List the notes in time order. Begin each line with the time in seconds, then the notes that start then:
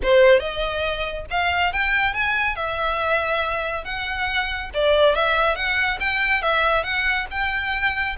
0.02 C5
0.39 D#5
1.30 F5
1.73 G5
2.13 G#5
2.55 E5
3.84 F#5
4.74 D5
5.15 E5
5.55 F#5
6.00 G5
6.42 E5
6.83 F#5
7.31 G5